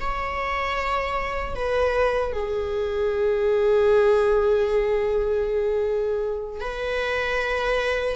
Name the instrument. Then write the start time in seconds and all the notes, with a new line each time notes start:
viola
0.00 C#5
1.54 B4
2.32 G#4
6.61 B4